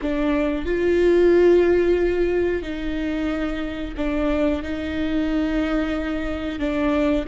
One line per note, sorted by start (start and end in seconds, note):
0.01 0.65 D4
0.65 2.62 F4
2.62 3.94 D#4
3.97 4.62 D4
4.62 6.59 D#4
6.59 7.25 D4